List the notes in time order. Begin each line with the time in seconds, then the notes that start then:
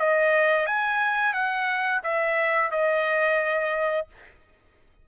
0.00 D#5
0.67 G#5
1.34 F#5
2.04 E5
2.71 D#5